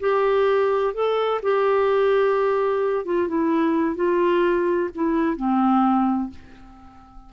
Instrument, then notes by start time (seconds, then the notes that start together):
clarinet
0.00 G4
0.94 A4
1.42 G4
3.05 F4
3.28 E4
3.95 F4
4.94 E4
5.36 C4